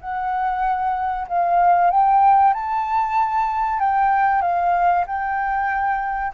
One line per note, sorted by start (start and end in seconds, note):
0.00 1.26 F#5
1.27 1.90 F5
1.90 2.53 G5
2.53 3.79 A5
3.79 4.41 G5
4.41 5.04 F5
5.06 6.33 G5